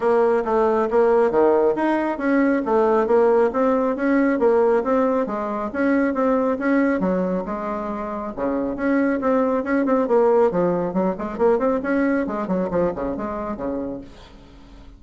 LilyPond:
\new Staff \with { instrumentName = "bassoon" } { \time 4/4 \tempo 4 = 137 ais4 a4 ais4 dis4 | dis'4 cis'4 a4 ais4 | c'4 cis'4 ais4 c'4 | gis4 cis'4 c'4 cis'4 |
fis4 gis2 cis4 | cis'4 c'4 cis'8 c'8 ais4 | f4 fis8 gis8 ais8 c'8 cis'4 | gis8 fis8 f8 cis8 gis4 cis4 | }